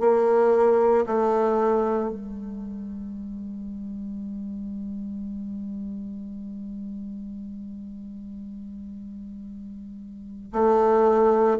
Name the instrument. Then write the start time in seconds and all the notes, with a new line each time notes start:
bassoon
0.00 A#3
1.06 A3
2.10 G3
10.53 A3